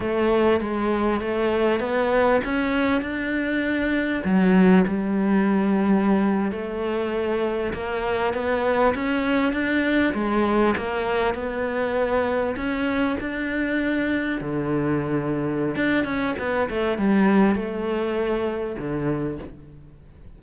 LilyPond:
\new Staff \with { instrumentName = "cello" } { \time 4/4 \tempo 4 = 99 a4 gis4 a4 b4 | cis'4 d'2 fis4 | g2~ g8. a4~ a16~ | a8. ais4 b4 cis'4 d'16~ |
d'8. gis4 ais4 b4~ b16~ | b8. cis'4 d'2 d16~ | d2 d'8 cis'8 b8 a8 | g4 a2 d4 | }